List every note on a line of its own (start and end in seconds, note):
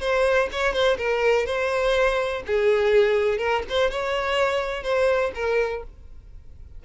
0.00 0.48 C5
0.51 0.73 C#5
0.73 0.97 C5
0.97 1.46 A#4
1.46 2.42 C5
2.46 3.38 G#4
3.38 3.62 A#4
3.69 3.90 C5
3.90 4.83 C#5
4.83 5.31 C5
5.34 5.83 A#4